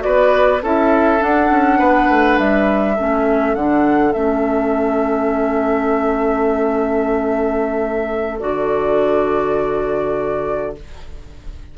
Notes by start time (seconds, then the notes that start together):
0.00 F#4 B4 D5
0.06 B3
0.63 C#4 E4 A4 E5
1.19 D4 F#5
1.51 C#4
1.79 B3 B4
2.09 A3
2.39 G3 E5
2.95 A3 C#4 A4
3.55 D3 D4 F#5
4.13 A3 C#4 E5
8.40 D3 F#4 D5